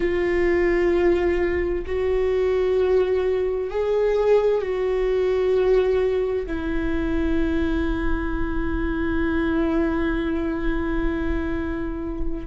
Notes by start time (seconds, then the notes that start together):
0.00 F4
1.85 F#4
3.70 G#4
4.61 F#4
6.46 E4